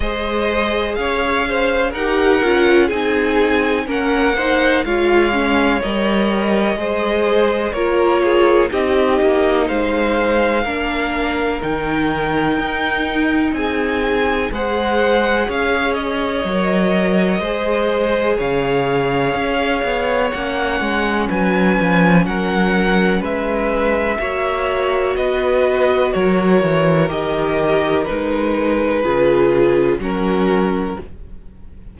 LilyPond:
<<
  \new Staff \with { instrumentName = "violin" } { \time 4/4 \tempo 4 = 62 dis''4 f''4 fis''4 gis''4 | fis''4 f''4 dis''2 | cis''4 dis''4 f''2 | g''2 gis''4 fis''4 |
f''8 dis''2~ dis''8 f''4~ | f''4 fis''4 gis''4 fis''4 | e''2 dis''4 cis''4 | dis''4 b'2 ais'4 | }
  \new Staff \with { instrumentName = "violin" } { \time 4/4 c''4 cis''8 c''8 ais'4 gis'4 | ais'8 c''8 cis''2 c''4 | ais'8 gis'8 g'4 c''4 ais'4~ | ais'2 gis'4 c''4 |
cis''2 c''4 cis''4~ | cis''2 b'4 ais'4 | b'4 cis''4 b'4 ais'4~ | ais'2 gis'4 fis'4 | }
  \new Staff \with { instrumentName = "viola" } { \time 4/4 gis'2 g'8 f'8 dis'4 | cis'8 dis'8 f'8 cis'8 ais'4 gis'4 | f'4 dis'2 d'4 | dis'2. gis'4~ |
gis'4 ais'4 gis'2~ | gis'4 cis'2.~ | cis'4 fis'2. | g'4 dis'4 f'4 cis'4 | }
  \new Staff \with { instrumentName = "cello" } { \time 4/4 gis4 cis'4 dis'8 cis'8 c'4 | ais4 gis4 g4 gis4 | ais4 c'8 ais8 gis4 ais4 | dis4 dis'4 c'4 gis4 |
cis'4 fis4 gis4 cis4 | cis'8 b8 ais8 gis8 fis8 f8 fis4 | gis4 ais4 b4 fis8 e8 | dis4 gis4 cis4 fis4 | }
>>